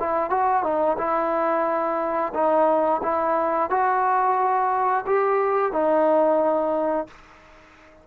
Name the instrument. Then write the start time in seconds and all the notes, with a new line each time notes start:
trombone
0.00 E4
0.30 F#4
0.63 D#4
0.98 E4
2.34 D#4
3.03 E4
3.70 F#4
5.07 G4
5.73 D#4